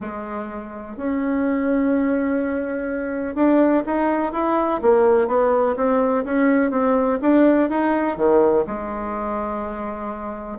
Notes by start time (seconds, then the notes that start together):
0.00 G#3
0.96 C#4
3.35 D4
3.86 D#4
4.32 E4
4.82 A#3
5.27 B3
5.76 C4
6.24 C#4
6.70 C4
7.21 D4
7.69 D#4
8.16 D#3
8.66 G#3